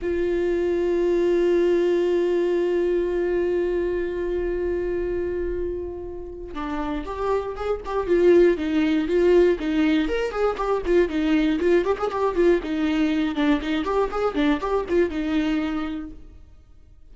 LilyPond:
\new Staff \with { instrumentName = "viola" } { \time 4/4 \tempo 4 = 119 f'1~ | f'1~ | f'1~ | f'4 d'4 g'4 gis'8 g'8 |
f'4 dis'4 f'4 dis'4 | ais'8 gis'8 g'8 f'8 dis'4 f'8 g'16 gis'16 | g'8 f'8 dis'4. d'8 dis'8 g'8 | gis'8 d'8 g'8 f'8 dis'2 | }